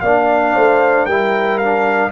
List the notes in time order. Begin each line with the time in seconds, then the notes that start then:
0.00 A#3 D4 D5 F5
0.54 A3 C5
1.05 G3 E4 A#4 G5
1.57 D4 F5